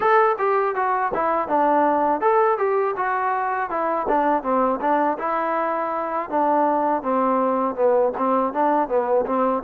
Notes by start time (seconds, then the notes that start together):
0.00 A4
0.38 G4
0.75 F#4
1.13 E4
1.47 D4
2.21 A4
2.58 G4
2.96 F#4
3.69 E4
4.08 D4
4.42 C4
4.80 D4
5.18 E4
6.29 D4
7.02 C4
7.75 B3
8.17 C4
8.53 D4
8.88 B3
9.26 C4